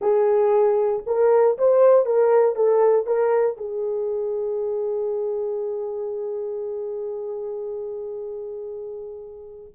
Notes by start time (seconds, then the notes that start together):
0.01 G#4
1.06 A#4
1.58 C5
2.05 A#4
2.55 A4
3.06 A#4
3.57 G#4